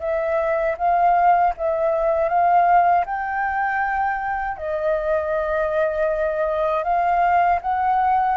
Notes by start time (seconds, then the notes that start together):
0.00 E5
0.78 F5
1.57 E5
2.29 F5
3.06 G5
4.57 D#5
6.84 F5
7.62 F#5